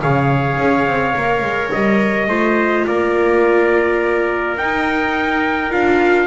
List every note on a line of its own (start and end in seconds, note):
0.00 0.58 C#3
0.00 1.14 G#4
0.00 2.28 C#5
0.00 1.72 F5
0.58 0.86 C#4
0.86 1.15 C4
1.16 1.41 A#3
1.16 2.29 A#4
1.41 1.70 G#3
1.72 2.28 G3
1.72 2.86 D#5
2.28 2.85 A3
2.28 4.58 F4
2.28 2.86 C5
2.86 4.57 A#3
2.86 6.27 A#4
2.86 4.57 D5
4.57 5.71 D#4
4.57 5.70 D#4
4.57 5.72 G5
5.70 6.27 D4
5.70 6.27 F4
5.70 6.27 F5